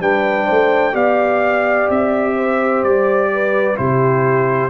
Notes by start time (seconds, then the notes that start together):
0.00 G3 D4 B4 G5
0.46 A3 C5
0.93 B3 G4 D5 F5
1.90 C4 E5
2.36 C5
2.83 G3 D5
3.34 B4
3.76 C3 E4 G4 C5